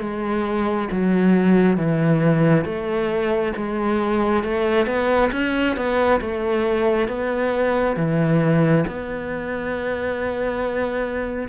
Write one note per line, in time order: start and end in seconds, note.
0.00 0.88 G#3
0.91 1.77 F#3
1.77 2.64 E3
2.64 3.53 A3
3.56 4.44 G#3
4.44 4.86 A3
4.86 5.30 B3
5.32 5.76 C#4
5.76 6.20 B3
6.20 7.08 A3
7.08 7.96 B3
7.96 8.84 E3
8.87 11.48 B3